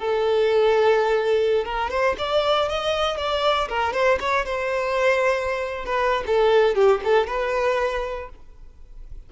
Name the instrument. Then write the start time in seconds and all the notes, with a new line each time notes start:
violin
0.00 A4
1.65 A#4
1.91 C5
2.19 D5
2.69 D#5
3.17 D5
3.69 A#4
3.93 C5
4.20 C#5
4.46 C5
5.86 B4
6.27 A4
6.75 G4
7.04 A4
7.27 B4